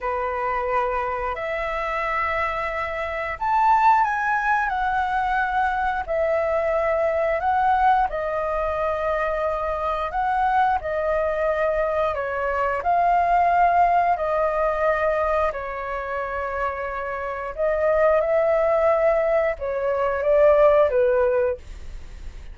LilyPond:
\new Staff \with { instrumentName = "flute" } { \time 4/4 \tempo 4 = 89 b'2 e''2~ | e''4 a''4 gis''4 fis''4~ | fis''4 e''2 fis''4 | dis''2. fis''4 |
dis''2 cis''4 f''4~ | f''4 dis''2 cis''4~ | cis''2 dis''4 e''4~ | e''4 cis''4 d''4 b'4 | }